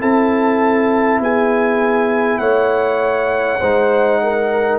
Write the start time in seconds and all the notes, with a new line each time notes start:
0.00 C4 E4 A4 A5
1.20 B3 G#4 G#5
2.39 A3 C#5 F#5
3.60 G#3 D#4 C5
4.23 A#4